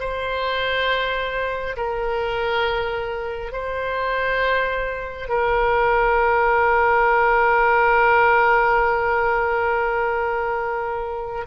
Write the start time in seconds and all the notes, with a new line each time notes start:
0.00 C5
1.77 A#4
3.53 C5
5.29 A#4